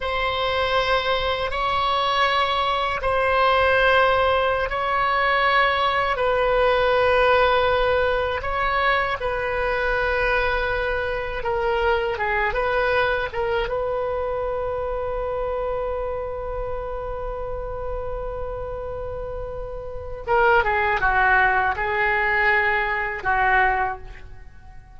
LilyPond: \new Staff \with { instrumentName = "oboe" } { \time 4/4 \tempo 4 = 80 c''2 cis''2 | c''2~ c''16 cis''4.~ cis''16~ | cis''16 b'2. cis''8.~ | cis''16 b'2. ais'8.~ |
ais'16 gis'8 b'4 ais'8 b'4.~ b'16~ | b'1~ | b'2. ais'8 gis'8 | fis'4 gis'2 fis'4 | }